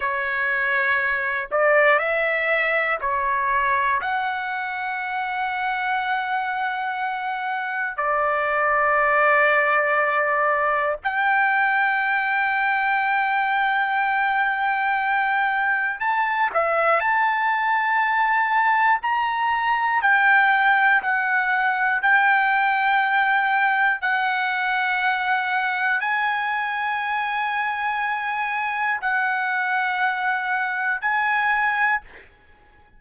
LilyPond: \new Staff \with { instrumentName = "trumpet" } { \time 4/4 \tempo 4 = 60 cis''4. d''8 e''4 cis''4 | fis''1 | d''2. g''4~ | g''1 |
a''8 e''8 a''2 ais''4 | g''4 fis''4 g''2 | fis''2 gis''2~ | gis''4 fis''2 gis''4 | }